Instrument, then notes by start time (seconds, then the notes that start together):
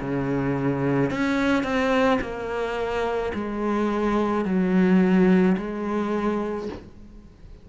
cello
0.00 C#3
1.10 C#4
1.63 C4
2.21 A#3
3.34 G#3
4.44 F#3
5.57 G#3